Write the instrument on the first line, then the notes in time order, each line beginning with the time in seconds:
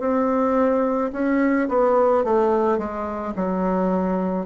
bassoon
0.00 C4
1.13 C#4
1.69 B3
2.24 A3
2.78 G#3
3.36 F#3